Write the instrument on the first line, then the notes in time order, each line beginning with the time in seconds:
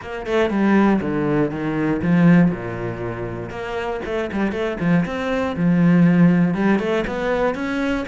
cello
0.01 A#3
0.26 A3
0.50 G3
1.01 D3
1.51 D#3
2.02 F3
2.50 A#2
3.50 A#3
4.05 A3
4.32 G3
4.52 A3
4.79 F3
5.05 C4
5.56 F3
6.54 G3
6.79 A3
7.06 B3
7.54 C#4